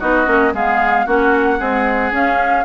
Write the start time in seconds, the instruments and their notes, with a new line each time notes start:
0.00 bassoon B3, clarinet D#4, oboe F#4, flute D#5
0.26 bassoon A#3, clarinet C#4
0.53 bassoon G#3, clarinet B3, oboe G#4, flute F5
1.06 bassoon A#3, clarinet C#4, oboe F#4, flute F#5
1.59 clarinet G#3, bassoon C4, oboe G#4
2.12 bassoon C#4, clarinet C#4, flute F5